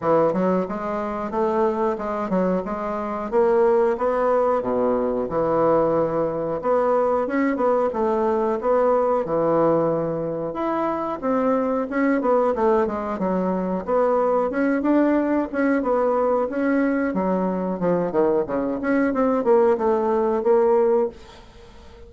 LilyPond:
\new Staff \with { instrumentName = "bassoon" } { \time 4/4 \tempo 4 = 91 e8 fis8 gis4 a4 gis8 fis8 | gis4 ais4 b4 b,4 | e2 b4 cis'8 b8 | a4 b4 e2 |
e'4 c'4 cis'8 b8 a8 gis8 | fis4 b4 cis'8 d'4 cis'8 | b4 cis'4 fis4 f8 dis8 | cis8 cis'8 c'8 ais8 a4 ais4 | }